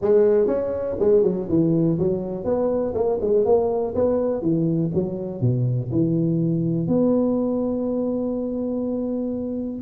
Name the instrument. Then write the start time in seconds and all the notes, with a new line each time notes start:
tuba
0.01 G#3
0.47 C#4
0.99 G#3
1.23 F#3
1.48 E3
1.98 F#3
2.44 B3
2.94 A#3
3.21 G#3
3.45 A#3
3.94 B3
4.41 E3
4.94 F#3
5.40 B2
5.91 E3
6.87 B3